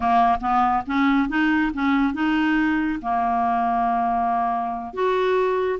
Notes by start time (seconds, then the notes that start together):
0.00 A#3
0.40 B3
0.86 C#4
1.28 D#4
1.73 C#4
2.13 D#4
3.02 A#3
4.93 F#4